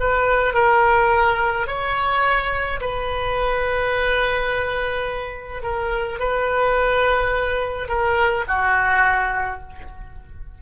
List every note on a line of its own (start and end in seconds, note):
0.00 0.54 B4
0.54 1.67 A#4
1.67 2.80 C#5
2.81 5.63 B4
5.63 6.20 A#4
6.20 7.88 B4
7.88 8.45 A#4
8.48 9.61 F#4